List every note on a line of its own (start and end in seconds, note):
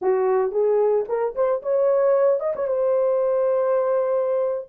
0.01 0.51 F#4
0.51 1.05 G#4
1.08 1.35 A#4
1.35 1.62 C5
1.62 2.40 C#5
2.40 2.53 D#5
2.55 2.67 C#5
2.67 4.68 C5